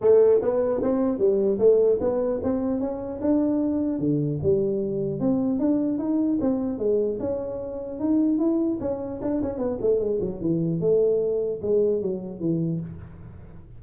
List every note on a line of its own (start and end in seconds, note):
0.01 0.41 A3
0.41 0.81 B3
0.82 1.18 C4
1.18 1.58 G3
1.58 1.98 A3
2.00 2.40 B3
2.43 2.80 C4
2.80 3.20 C#4
3.21 3.99 D4
3.99 4.39 D3
4.43 5.20 G3
5.20 5.59 C4
5.59 5.98 D4
5.98 6.38 D#4
6.41 6.78 C4
6.78 7.18 G#3
7.19 7.99 C#4
7.99 8.38 D#4
8.38 8.78 E4
8.80 9.20 C#4
9.21 9.41 D4
9.42 9.58 C#4
9.58 9.78 B3
9.81 9.99 A3
9.99 10.19 G#3
10.20 10.40 F#3
10.41 10.80 E3
10.80 11.60 A3
11.61 12.01 G#3
12.01 12.40 F#3
12.40 12.80 E3